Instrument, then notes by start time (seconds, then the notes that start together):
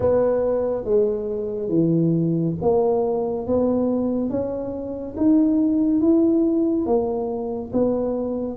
tuba
0.00 B3
0.84 G#3
1.69 E3
2.61 A#3
3.46 B3
4.29 C#4
5.17 D#4
6.00 E4
6.86 A#3
7.73 B3